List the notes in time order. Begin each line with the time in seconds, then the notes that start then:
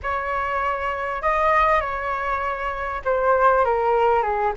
0.02 C#5
1.22 D#5
1.80 C#5
3.04 C5
3.64 A#4
4.22 G#4